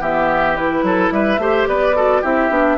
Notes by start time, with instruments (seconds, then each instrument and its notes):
0.00 bassoon E3, clarinet B3, oboe G4, flute E5
0.55 clarinet E4, flute B4
0.82 bassoon F#3, oboe A4
1.11 bassoon G3, oboe B4, flute E5
1.38 bassoon A3, clarinet G4, oboe C5
1.67 bassoon B3, oboe B4, flute D5
1.95 clarinet F#4, oboe A4
2.21 bassoon C4, clarinet E4, oboe G4, flute E5
2.49 bassoon B3, clarinet D4